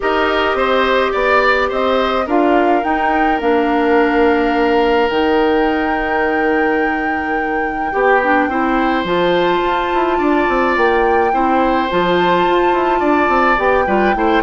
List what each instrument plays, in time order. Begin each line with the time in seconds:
0.00 bassoon D#4, clarinet G4, oboe A#4, flute D#5
0.54 bassoon C4, oboe C5
1.12 bassoon B3, oboe D5, flute D5
1.69 bassoon C4, oboe C5, flute D#5
2.25 bassoon D4, clarinet F4, oboe A#4, flute F5
2.82 clarinet D#4, bassoon D#4, flute G5
3.39 bassoon A#3, clarinet D4, flute F5
5.09 bassoon D#3, clarinet D#4, flute G5
7.92 bassoon B3, clarinet G4, oboe G4
8.23 clarinet D4
8.48 bassoon C4, clarinet E4, oboe C5
9.04 bassoon F3, clarinet F4, flute A5
9.63 bassoon F4
9.94 bassoon E4
10.18 bassoon D4, oboe D5
10.48 bassoon C4
10.76 bassoon A#3, flute G5
11.32 bassoon C4, clarinet E4, oboe C5
11.90 bassoon F3, clarinet F4, flute A5
12.46 bassoon F4
12.72 bassoon E4
12.99 bassoon D4, oboe D5
13.28 bassoon C4
13.57 bassoon B3, clarinet G4, flute G5
13.86 bassoon G3, clarinet F4, oboe B4
14.14 bassoon A3, clarinet E4, oboe C5